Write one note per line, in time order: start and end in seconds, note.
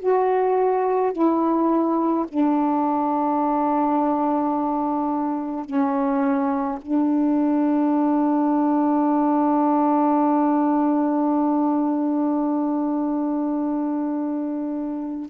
0.00 1.13 F#4
1.13 2.26 E4
2.28 5.66 D4
5.66 6.79 C#4
6.82 15.30 D4